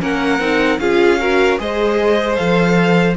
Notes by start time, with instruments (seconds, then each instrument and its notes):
0.00 cello A#3, viola C#4, violin A#4 F#5
0.39 cello C4, viola D#4
0.79 cello C#4, viola F4, violin G#4 F5
1.20 viola F#4, violin A#4
1.58 cello G#3, viola G#4, violin C5 D#5
2.36 cello F3, viola A4, violin F5